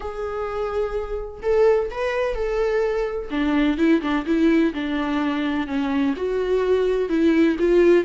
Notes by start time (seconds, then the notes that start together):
0.00 G#4
1.42 A4
1.90 B4
2.34 A4
3.30 D4
3.77 E4
4.01 D4
4.25 E4
4.74 D4
5.67 C#4
6.16 F#4
7.09 E4
7.59 F4